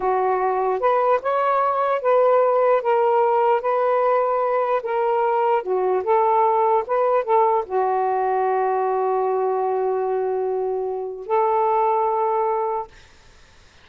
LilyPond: \new Staff \with { instrumentName = "saxophone" } { \time 4/4 \tempo 4 = 149 fis'2 b'4 cis''4~ | cis''4 b'2 ais'4~ | ais'4 b'2. | ais'2 fis'4 a'4~ |
a'4 b'4 a'4 fis'4~ | fis'1~ | fis'1 | a'1 | }